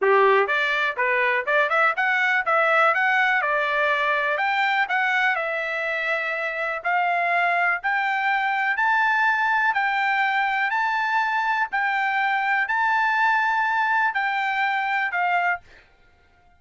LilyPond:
\new Staff \with { instrumentName = "trumpet" } { \time 4/4 \tempo 4 = 123 g'4 d''4 b'4 d''8 e''8 | fis''4 e''4 fis''4 d''4~ | d''4 g''4 fis''4 e''4~ | e''2 f''2 |
g''2 a''2 | g''2 a''2 | g''2 a''2~ | a''4 g''2 f''4 | }